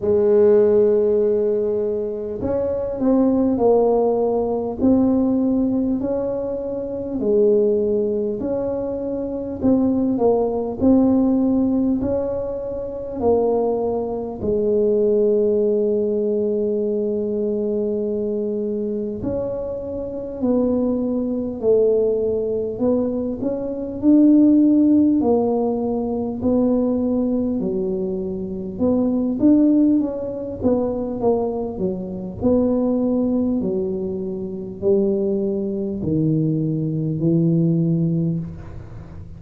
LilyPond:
\new Staff \with { instrumentName = "tuba" } { \time 4/4 \tempo 4 = 50 gis2 cis'8 c'8 ais4 | c'4 cis'4 gis4 cis'4 | c'8 ais8 c'4 cis'4 ais4 | gis1 |
cis'4 b4 a4 b8 cis'8 | d'4 ais4 b4 fis4 | b8 d'8 cis'8 b8 ais8 fis8 b4 | fis4 g4 dis4 e4 | }